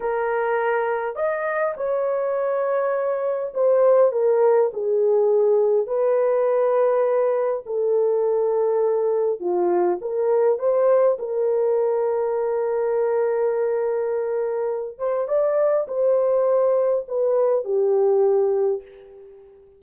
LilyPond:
\new Staff \with { instrumentName = "horn" } { \time 4/4 \tempo 4 = 102 ais'2 dis''4 cis''4~ | cis''2 c''4 ais'4 | gis'2 b'2~ | b'4 a'2. |
f'4 ais'4 c''4 ais'4~ | ais'1~ | ais'4. c''8 d''4 c''4~ | c''4 b'4 g'2 | }